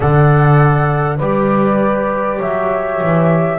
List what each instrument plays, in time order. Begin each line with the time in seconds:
0.00 double bass D3, trombone A4, horn D5, flute F#5
1.18 double bass G3, trombone G4, horn B4, flute D5
2.38 double bass F#3, horn C#5, flute E5
3.02 double bass E3